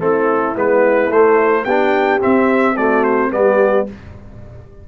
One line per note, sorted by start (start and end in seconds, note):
0.00 0.55 A3
0.00 0.55 C4
0.00 1.65 E4
0.00 0.56 A4
0.56 1.10 G#3
0.56 1.11 B3
0.56 1.12 B4
1.10 1.65 A3
1.10 1.67 A3
1.10 1.65 C5
1.65 2.21 B3
1.65 2.21 D4
1.65 2.75 G4
1.65 2.20 G5
2.21 2.76 C4
2.21 3.32 C4
2.21 2.77 E5
2.77 3.31 A3
2.77 3.32 F#4
2.77 3.04 D5
3.04 3.32 C5
3.31 3.87 G3
3.31 3.86 B3
3.31 3.88 G4
3.31 3.87 D5